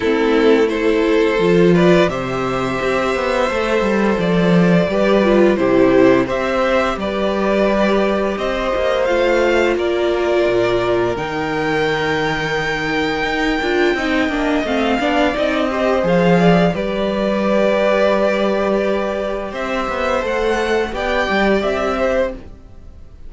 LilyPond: <<
  \new Staff \with { instrumentName = "violin" } { \time 4/4 \tempo 4 = 86 a'4 c''4. d''8 e''4~ | e''2 d''2 | c''4 e''4 d''2 | dis''4 f''4 d''2 |
g''1~ | g''4 f''4 dis''4 f''4 | d''1 | e''4 fis''4 g''4 e''4 | }
  \new Staff \with { instrumentName = "violin" } { \time 4/4 e'4 a'4. b'8 c''4~ | c''2. b'4 | g'4 c''4 b'2 | c''2 ais'2~ |
ais'1 | dis''4. d''4 c''4 d''8 | b'1 | c''2 d''4. c''8 | }
  \new Staff \with { instrumentName = "viola" } { \time 4/4 c'4 e'4 f'4 g'4~ | g'4 a'2 g'8 f'8 | e'4 g'2.~ | g'4 f'2. |
dis'2.~ dis'8 f'8 | dis'8 d'8 c'8 d'8 dis'8 g'8 gis'4 | g'1~ | g'4 a'4 g'2 | }
  \new Staff \with { instrumentName = "cello" } { \time 4/4 a2 f4 c4 | c'8 b8 a8 g8 f4 g4 | c4 c'4 g2 | c'8 ais8 a4 ais4 ais,4 |
dis2. dis'8 d'8 | c'8 ais8 a8 b8 c'4 f4 | g1 | c'8 b8 a4 b8 g8 c'4 | }
>>